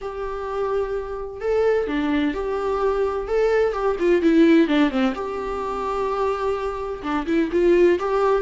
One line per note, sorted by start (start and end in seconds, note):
0.01 1.40 G4
1.40 1.87 A4
1.87 2.34 D4
2.34 3.27 G4
3.27 3.73 A4
3.73 3.96 G4
3.99 4.22 F4
4.22 4.67 E4
4.67 4.90 D4
4.90 5.13 C4
5.15 7.02 G4
7.02 7.26 D4
7.26 7.50 E4
7.51 7.98 F4
7.99 8.41 G4